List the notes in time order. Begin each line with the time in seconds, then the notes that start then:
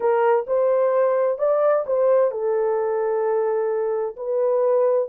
0.00 A#4
0.46 C5
1.38 D5
1.86 C5
2.31 A4
4.16 B4